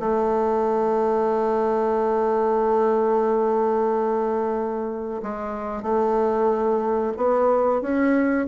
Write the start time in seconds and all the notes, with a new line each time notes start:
0.00 A3
5.23 G#3
5.83 A3
7.17 B3
7.82 C#4